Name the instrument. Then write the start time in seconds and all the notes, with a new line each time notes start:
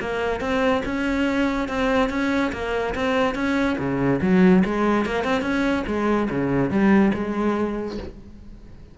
cello
0.00 A#3
0.40 C4
0.85 C#4
1.68 C4
2.09 C#4
2.52 A#3
2.94 C4
3.34 C#4
3.78 C#3
4.21 F#3
4.64 G#3
5.05 A#3
5.24 C4
5.41 C#4
5.86 G#3
6.29 C#3
6.70 G3
7.14 G#3